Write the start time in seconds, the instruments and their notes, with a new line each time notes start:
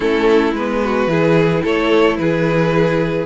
0.00 cello A3, viola C#4, violin E4 A4
0.52 cello G#3, viola B3, violin B4
0.83 violin F#4
1.07 cello E3, viola E4, violin G#4
1.63 cello A3, violin A4 C#5
2.16 cello E3, violin G#4 B4